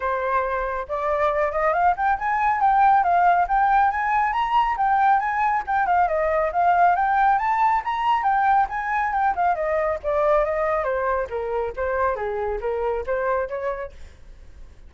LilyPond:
\new Staff \with { instrumentName = "flute" } { \time 4/4 \tempo 4 = 138 c''2 d''4. dis''8 | f''8 g''8 gis''4 g''4 f''4 | g''4 gis''4 ais''4 g''4 | gis''4 g''8 f''8 dis''4 f''4 |
g''4 a''4 ais''4 g''4 | gis''4 g''8 f''8 dis''4 d''4 | dis''4 c''4 ais'4 c''4 | gis'4 ais'4 c''4 cis''4 | }